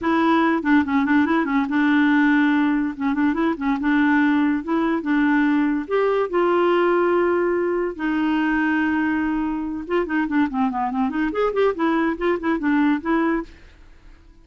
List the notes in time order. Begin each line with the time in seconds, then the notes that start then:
0.01 E4
0.63 D4
0.84 C#4
1.05 D4
1.25 E4
1.45 C#4
1.68 D4
2.96 C#4
3.14 D4
3.33 E4
3.57 C#4
3.80 D4
4.63 E4
5.02 D4
5.87 G4
6.29 F4
7.96 D#4
9.87 F4
10.06 D#4
10.27 D4
10.49 C4
10.70 B3
10.90 C4
11.09 D#4
11.32 G#4
11.53 G4
11.74 E4
12.17 F4
12.39 E4
12.58 D4
13.01 E4